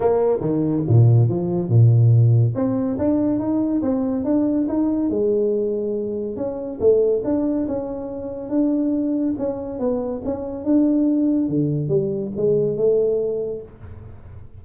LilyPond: \new Staff \with { instrumentName = "tuba" } { \time 4/4 \tempo 4 = 141 ais4 dis4 ais,4 f4 | ais,2 c'4 d'4 | dis'4 c'4 d'4 dis'4 | gis2. cis'4 |
a4 d'4 cis'2 | d'2 cis'4 b4 | cis'4 d'2 d4 | g4 gis4 a2 | }